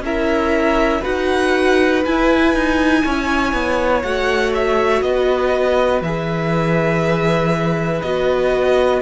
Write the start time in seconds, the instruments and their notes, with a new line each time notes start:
0.00 cello C#4, viola E4, violin A#4 E5
1.00 cello D#4, viola F#4, violin B4 F#5
2.05 cello E4, viola E4, violin G#5
2.54 cello D#4
3.03 cello C#4, violin C#5
3.53 cello B3
4.03 cello A3, viola F#4, violin F#5
4.54 violin E5
5.01 cello B3, violin B4 D#5
6.01 cello E3, viola G#4, violin E5
8.01 cello B3, viola F#4, violin D#5